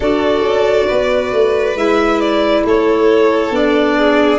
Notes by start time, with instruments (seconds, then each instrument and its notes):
0.00 tuba D4, clarinet F#4, violin A4 D5
0.41 tuba C#4
0.86 tuba B3, violin B4
1.32 tuba A3
1.75 tuba G#3, clarinet E4, violin E5
2.20 violin D5
2.64 tuba A3, violin A4 C#5
3.50 tuba B3, clarinet D4, violin D5
3.98 violin G#4